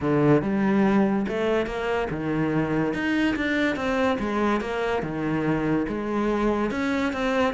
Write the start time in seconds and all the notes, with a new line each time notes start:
0.00 D3
0.42 G3
1.28 A3
1.66 A#3
2.10 D#3
2.93 D#4
3.36 D4
3.76 C4
4.19 G#3
4.60 A#3
5.02 D#3
5.88 G#3
6.70 C#4
7.12 C4